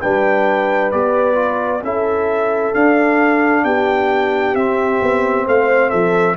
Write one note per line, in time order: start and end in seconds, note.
0.00 0.92 G3
0.00 0.91 D4
0.00 1.83 B4
0.00 0.91 G5
0.91 1.82 B3
0.91 1.34 G4
0.91 1.82 D5
1.34 1.79 F4
1.82 2.73 C#4
1.82 2.74 E4
1.82 3.64 A4
1.82 2.73 E5
2.73 4.55 D4
2.73 3.63 D4
2.73 3.64 F5
3.63 4.54 B3
3.63 5.46 G4
3.63 4.55 G5
4.54 4.99 C4
4.54 6.36 C4
4.54 5.46 E5
5.01 5.46 B3
5.46 5.92 A3
5.46 5.90 C5
5.46 5.89 F5
5.89 6.36 F3
5.89 6.35 A4
5.89 6.35 E5